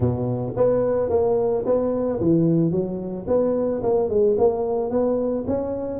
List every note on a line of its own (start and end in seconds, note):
0.00 0.54 B2
0.56 1.09 B3
1.09 1.64 A#3
1.65 2.20 B3
2.20 2.71 E3
2.71 3.25 F#3
3.27 3.81 B3
3.83 4.09 A#3
4.09 4.36 G#3
4.38 4.90 A#3
4.90 5.44 B3
5.47 6.00 C#4